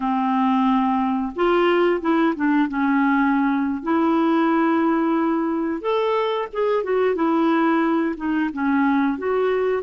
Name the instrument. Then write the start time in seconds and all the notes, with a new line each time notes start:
clarinet
0.00 C4
1.35 F4
2.01 E4
2.35 D4
2.68 C#4
3.82 E4
5.81 A4
6.52 G#4
6.83 F#4
7.15 E4
8.16 D#4
8.53 C#4
9.18 F#4